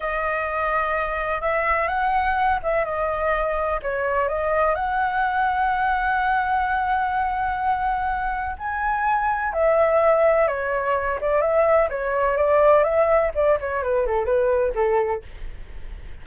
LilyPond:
\new Staff \with { instrumentName = "flute" } { \time 4/4 \tempo 4 = 126 dis''2. e''4 | fis''4. e''8 dis''2 | cis''4 dis''4 fis''2~ | fis''1~ |
fis''2 gis''2 | e''2 cis''4. d''8 | e''4 cis''4 d''4 e''4 | d''8 cis''8 b'8 a'8 b'4 a'4 | }